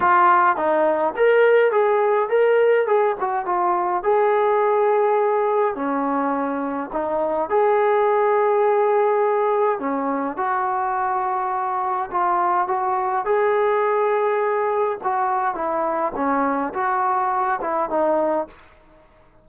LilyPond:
\new Staff \with { instrumentName = "trombone" } { \time 4/4 \tempo 4 = 104 f'4 dis'4 ais'4 gis'4 | ais'4 gis'8 fis'8 f'4 gis'4~ | gis'2 cis'2 | dis'4 gis'2.~ |
gis'4 cis'4 fis'2~ | fis'4 f'4 fis'4 gis'4~ | gis'2 fis'4 e'4 | cis'4 fis'4. e'8 dis'4 | }